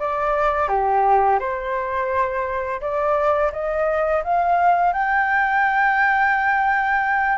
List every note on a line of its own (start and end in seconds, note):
0.00 0.69 D5
0.69 1.39 G4
1.40 2.81 C5
2.81 3.52 D5
3.53 4.23 D#5
4.24 4.93 F5
4.93 7.39 G5